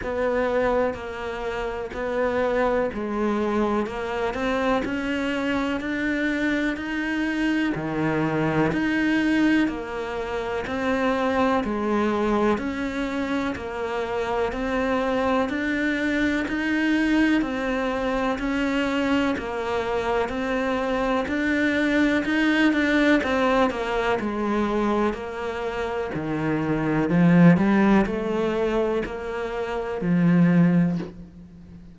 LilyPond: \new Staff \with { instrumentName = "cello" } { \time 4/4 \tempo 4 = 62 b4 ais4 b4 gis4 | ais8 c'8 cis'4 d'4 dis'4 | dis4 dis'4 ais4 c'4 | gis4 cis'4 ais4 c'4 |
d'4 dis'4 c'4 cis'4 | ais4 c'4 d'4 dis'8 d'8 | c'8 ais8 gis4 ais4 dis4 | f8 g8 a4 ais4 f4 | }